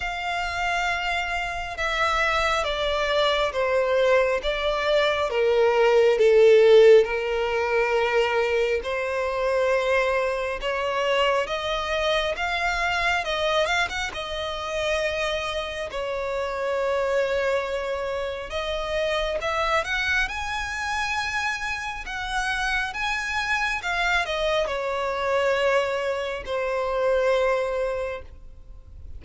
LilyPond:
\new Staff \with { instrumentName = "violin" } { \time 4/4 \tempo 4 = 68 f''2 e''4 d''4 | c''4 d''4 ais'4 a'4 | ais'2 c''2 | cis''4 dis''4 f''4 dis''8 f''16 fis''16 |
dis''2 cis''2~ | cis''4 dis''4 e''8 fis''8 gis''4~ | gis''4 fis''4 gis''4 f''8 dis''8 | cis''2 c''2 | }